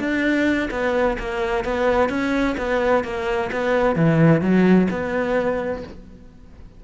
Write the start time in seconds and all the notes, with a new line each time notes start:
0.00 D4
0.71 B3
1.19 A#3
1.65 B3
2.10 C#4
2.58 B3
3.04 A#3
3.53 B3
3.96 E3
4.42 F#3
4.91 B3